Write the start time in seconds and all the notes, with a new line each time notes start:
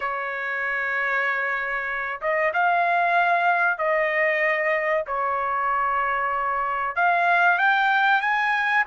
0.00 C#5
2.21 D#5
2.53 F5
3.78 D#5
5.07 C#5
6.95 F5
7.58 G5
8.21 G#5